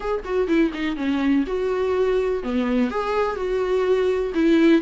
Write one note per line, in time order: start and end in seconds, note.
0.00 0.23 G#4
0.24 0.47 F#4
0.47 0.71 E4
0.73 0.96 D#4
0.96 1.45 C#4
1.46 2.43 F#4
2.43 2.90 B3
2.90 3.35 G#4
3.35 4.32 F#4
4.34 4.81 E4